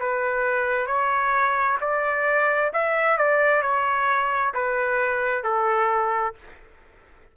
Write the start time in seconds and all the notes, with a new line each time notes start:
0.00 B4
0.87 C#5
1.81 D5
2.74 E5
3.18 D5
3.63 C#5
4.55 B4
5.44 A4